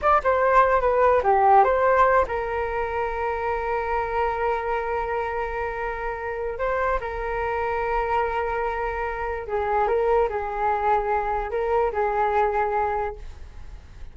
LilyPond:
\new Staff \with { instrumentName = "flute" } { \time 4/4 \tempo 4 = 146 d''8 c''4. b'4 g'4 | c''4. ais'2~ ais'8~ | ais'1~ | ais'1 |
c''4 ais'2.~ | ais'2. gis'4 | ais'4 gis'2. | ais'4 gis'2. | }